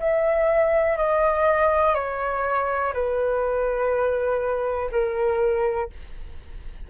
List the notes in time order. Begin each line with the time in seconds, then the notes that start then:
0.00 E5
0.97 D#5
1.95 C#5
2.94 B4
4.92 A#4